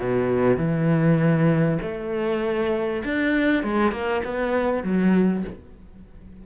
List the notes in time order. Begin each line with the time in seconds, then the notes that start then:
0.00 B2
0.57 E3
1.82 A3
3.04 D4
3.64 G#3
3.92 A#3
4.25 B3
4.84 F#3